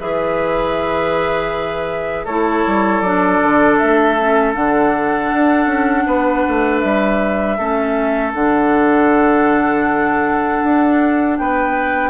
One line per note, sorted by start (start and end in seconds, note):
0.00 2.27 E3
0.00 2.28 G#4
0.00 2.25 B4
0.00 2.27 E5
2.25 2.65 A3
2.25 3.06 E4
2.25 6.04 A4
2.25 3.01 C#5
2.67 3.02 G3
3.01 3.40 F#3
3.01 4.19 D4
3.01 3.77 D5
3.43 3.81 D3
3.78 4.56 A3
3.78 4.54 E5
4.19 4.54 C#4
4.54 5.32 D3
4.54 7.58 D4
4.54 6.79 F#5
5.33 5.67 D4
5.67 6.05 C#4
6.06 6.45 B3
6.06 7.58 B4
6.49 6.84 A3
6.79 7.59 G3
6.79 8.31 E5
7.58 8.35 A3
7.58 8.34 C#4
7.58 11.38 A4
8.34 10.63 D3
8.34 12.11 D4
8.34 11.39 F#5
10.64 11.39 D4
11.39 12.11 B3
11.39 12.11 B4
11.39 12.11 G5